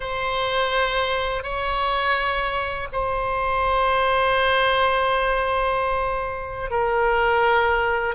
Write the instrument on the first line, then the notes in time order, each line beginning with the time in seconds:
oboe
0.00 C5
1.43 C#5
2.92 C5
6.70 A#4